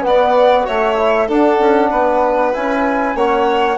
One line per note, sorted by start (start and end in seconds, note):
0.00 0.62 B3
0.00 0.67 B3
0.00 0.66 F#5
0.06 0.65 D5
0.63 1.29 A3
0.63 0.94 F#4
0.63 1.27 C#5
0.63 1.29 E5
0.97 1.28 E4
1.27 2.53 D4
1.27 1.59 D4
1.27 1.90 A4
1.27 2.54 F#5
1.59 1.90 C#4
1.91 2.53 B3
1.91 3.16 B4
2.53 3.15 C#4
2.53 3.15 E4
2.53 3.17 G#5
3.15 3.77 A#3
3.15 3.77 C#4
3.15 3.77 C#5
3.15 3.77 F#5